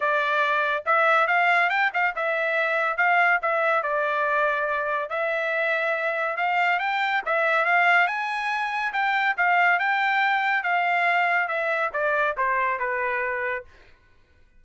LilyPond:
\new Staff \with { instrumentName = "trumpet" } { \time 4/4 \tempo 4 = 141 d''2 e''4 f''4 | g''8 f''8 e''2 f''4 | e''4 d''2. | e''2. f''4 |
g''4 e''4 f''4 gis''4~ | gis''4 g''4 f''4 g''4~ | g''4 f''2 e''4 | d''4 c''4 b'2 | }